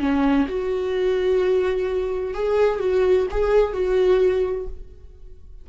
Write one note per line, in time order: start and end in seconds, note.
0.00 0.47 C#4
0.48 2.34 F#4
2.34 2.80 G#4
2.80 3.27 F#4
3.31 3.74 G#4
3.74 4.67 F#4